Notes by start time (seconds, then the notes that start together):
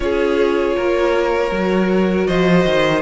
0.00 C#4 F4 G#4 C#5
0.75 A#3 A#4
1.51 F#3 F#4
2.26 F3 C5 D#5
2.65 D#3